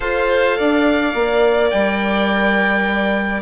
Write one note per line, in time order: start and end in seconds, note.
0.00 0.57 F4
0.00 1.13 A4
0.00 0.57 C5
0.00 1.69 F5
0.57 1.14 D4
0.57 3.42 D5
1.14 1.71 A#3
1.14 3.42 A#4
1.70 3.42 G3
1.70 3.42 G5